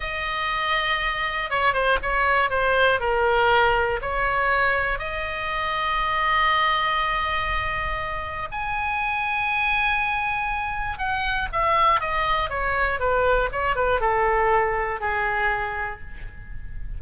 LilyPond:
\new Staff \with { instrumentName = "oboe" } { \time 4/4 \tempo 4 = 120 dis''2. cis''8 c''8 | cis''4 c''4 ais'2 | cis''2 dis''2~ | dis''1~ |
dis''4 gis''2.~ | gis''2 fis''4 e''4 | dis''4 cis''4 b'4 cis''8 b'8 | a'2 gis'2 | }